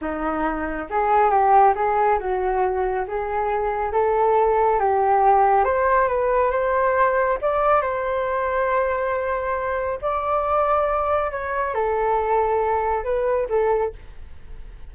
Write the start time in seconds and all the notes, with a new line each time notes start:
0.01 D#4
0.90 G#4
1.30 G4
1.75 G#4
2.19 F#4
3.07 G#4
3.92 A4
4.79 G4
5.64 C5
6.08 B4
6.51 C5
7.41 D5
7.81 C5
10.01 D5
11.31 C#5
11.74 A4
13.04 B4
13.49 A4